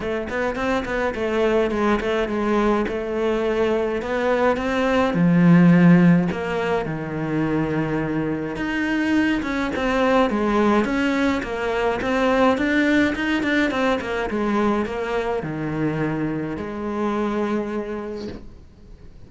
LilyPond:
\new Staff \with { instrumentName = "cello" } { \time 4/4 \tempo 4 = 105 a8 b8 c'8 b8 a4 gis8 a8 | gis4 a2 b4 | c'4 f2 ais4 | dis2. dis'4~ |
dis'8 cis'8 c'4 gis4 cis'4 | ais4 c'4 d'4 dis'8 d'8 | c'8 ais8 gis4 ais4 dis4~ | dis4 gis2. | }